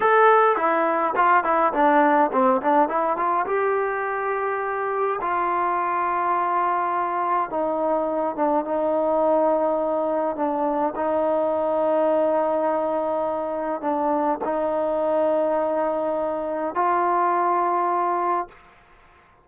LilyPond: \new Staff \with { instrumentName = "trombone" } { \time 4/4 \tempo 4 = 104 a'4 e'4 f'8 e'8 d'4 | c'8 d'8 e'8 f'8 g'2~ | g'4 f'2.~ | f'4 dis'4. d'8 dis'4~ |
dis'2 d'4 dis'4~ | dis'1 | d'4 dis'2.~ | dis'4 f'2. | }